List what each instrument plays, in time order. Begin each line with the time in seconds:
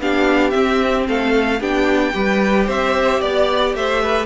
0.00 cello B3, viola D4, violin G4 F5
0.51 viola C4, cello C4, violin E5
1.08 cello A3, violin A4 F5
1.60 cello B3, viola D4, violin G4 G5
2.14 cello G3, viola G4, violin B4
2.67 cello C4, violin C5 E5
3.21 cello B3, violin D5
3.75 cello A3, violin C5 E5
4.03 violin B4